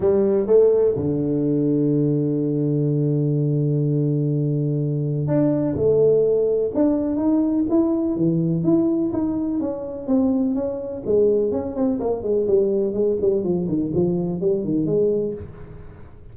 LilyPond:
\new Staff \with { instrumentName = "tuba" } { \time 4/4 \tempo 4 = 125 g4 a4 d2~ | d1~ | d2. d'4 | a2 d'4 dis'4 |
e'4 e4 e'4 dis'4 | cis'4 c'4 cis'4 gis4 | cis'8 c'8 ais8 gis8 g4 gis8 g8 | f8 dis8 f4 g8 dis8 gis4 | }